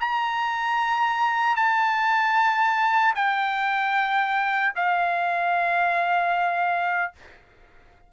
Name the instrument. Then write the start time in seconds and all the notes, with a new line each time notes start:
trumpet
0.00 A#5
1.56 A5
3.15 G5
4.75 F5